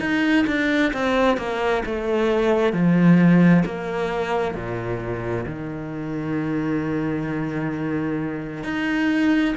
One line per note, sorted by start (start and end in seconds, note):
0.00 0.45 D#4
0.47 0.92 D4
0.93 1.37 C4
1.37 1.83 A#3
1.86 2.73 A3
2.73 3.64 F3
3.65 4.54 A#3
4.54 5.45 A#2
5.45 8.64 D#3
8.64 9.55 D#4